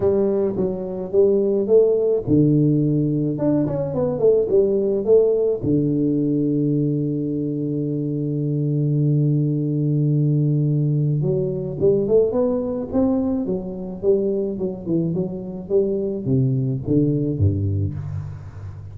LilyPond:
\new Staff \with { instrumentName = "tuba" } { \time 4/4 \tempo 4 = 107 g4 fis4 g4 a4 | d2 d'8 cis'8 b8 a8 | g4 a4 d2~ | d1~ |
d1 | fis4 g8 a8 b4 c'4 | fis4 g4 fis8 e8 fis4 | g4 c4 d4 g,4 | }